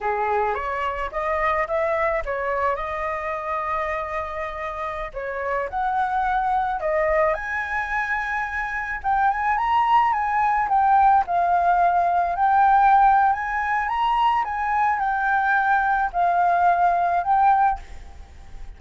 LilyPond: \new Staff \with { instrumentName = "flute" } { \time 4/4 \tempo 4 = 108 gis'4 cis''4 dis''4 e''4 | cis''4 dis''2.~ | dis''4~ dis''16 cis''4 fis''4.~ fis''16~ | fis''16 dis''4 gis''2~ gis''8.~ |
gis''16 g''8 gis''8 ais''4 gis''4 g''8.~ | g''16 f''2 g''4.~ g''16 | gis''4 ais''4 gis''4 g''4~ | g''4 f''2 g''4 | }